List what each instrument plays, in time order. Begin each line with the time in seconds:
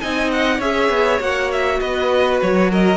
0.00 cello C4, viola D#4, violin D#5 G#5
0.32 violin F#5
0.58 cello C#4, viola G#4, violin C#5 E5
0.89 cello B3
1.20 cello A#3, viola F#4, violin F#5
1.52 violin E5
1.80 cello B3, violin B4 D#5
2.42 cello F#3, violin C#5
2.71 violin A#4 D#5